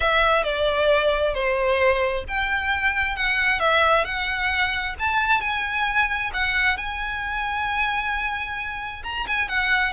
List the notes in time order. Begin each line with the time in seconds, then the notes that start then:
0.00 E5
0.43 D5
1.34 C5
2.27 G5
3.15 F#5
3.59 E5
4.04 F#5
4.99 A5
5.40 G#5
6.33 F#5
6.77 G#5
9.03 A#5
9.27 G#5
9.48 F#5